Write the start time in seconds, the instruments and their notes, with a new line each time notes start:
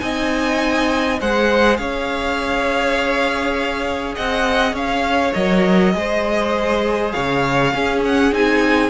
0.00 cello C4, viola D#4, violin D#5 G#5
1.21 cello G#3, viola G#4, violin C5 F#5
1.77 cello C#4, violin C#5 F5
4.15 cello C4, violin D#5 F#5
4.73 cello C#4, violin C#5 F5
5.34 cello F#3, viola A#4, violin D#5
5.94 cello G#3, viola G#4, violin C5
7.12 cello C#3, violin C#5 F5
7.74 viola C#4, cello C#4, violin G#4
8.05 violin F#5
8.32 cello C4, viola D#4, violin G#5